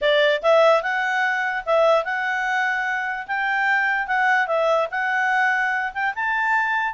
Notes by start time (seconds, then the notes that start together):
0.01 D5
0.42 E5
0.82 F#5
1.65 E5
2.04 F#5
3.27 G5
4.07 F#5
4.47 E5
4.90 F#5
5.93 G5
6.15 A5